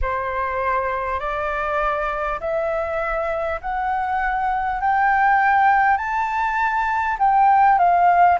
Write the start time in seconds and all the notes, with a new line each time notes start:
0.01 C5
1.19 D5
2.40 E5
3.61 F#5
4.80 G5
5.97 A5
7.18 G5
7.78 F5